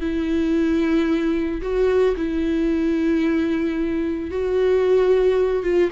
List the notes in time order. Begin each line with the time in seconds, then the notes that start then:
0.00 E4
1.61 F#4
2.16 E4
4.31 F#4
5.63 F4